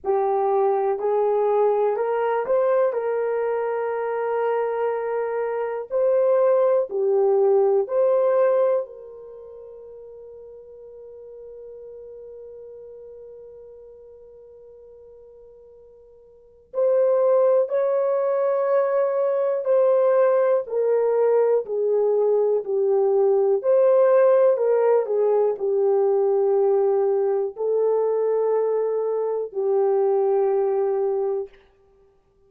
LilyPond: \new Staff \with { instrumentName = "horn" } { \time 4/4 \tempo 4 = 61 g'4 gis'4 ais'8 c''8 ais'4~ | ais'2 c''4 g'4 | c''4 ais'2.~ | ais'1~ |
ais'4 c''4 cis''2 | c''4 ais'4 gis'4 g'4 | c''4 ais'8 gis'8 g'2 | a'2 g'2 | }